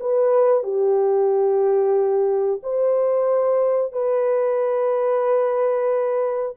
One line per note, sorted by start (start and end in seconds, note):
0.00 0.63 B4
0.63 2.61 G4
2.63 3.92 C5
3.92 6.56 B4